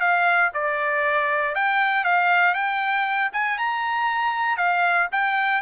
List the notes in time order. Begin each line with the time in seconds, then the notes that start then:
0.00 F5
0.54 D5
1.55 G5
2.04 F5
2.54 G5
3.33 G#5
3.58 A#5
4.57 F5
5.12 G5